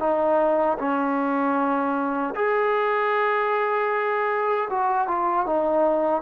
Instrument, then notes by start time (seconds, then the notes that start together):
trombone
0.00 D#4
0.79 C#4
2.36 G#4
4.70 F#4
5.08 F4
5.46 D#4